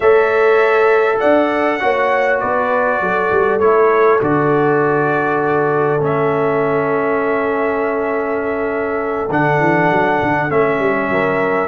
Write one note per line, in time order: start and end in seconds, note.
0.00 1.19 A3
0.00 1.80 A4
0.00 1.18 C#5
0.00 1.19 E5
1.19 1.82 D4
1.19 1.79 D5
1.19 2.39 F#5
1.80 2.42 A#3
1.80 3.60 F#4
1.80 2.41 C#5
2.40 3.00 B3
2.40 3.01 B4
2.40 3.59 D5
3.00 3.30 F#3
3.00 11.11 A4
3.31 3.60 G3
3.59 4.20 A3
3.59 4.20 E4
3.59 4.19 C#5
4.20 6.00 D3
4.20 5.99 F#4
4.20 6.03 D5
5.99 9.29 A3
5.99 9.29 C#4
5.99 9.31 E5
9.29 9.59 D3
9.29 10.49 D4
9.29 10.50 F#5
9.59 9.89 E3
9.90 10.20 F#3
10.21 10.50 D3
10.49 10.79 A3
10.49 11.68 C#4
10.49 11.68 E5
10.79 11.09 G3
11.09 11.68 F#3
11.09 11.68 A#4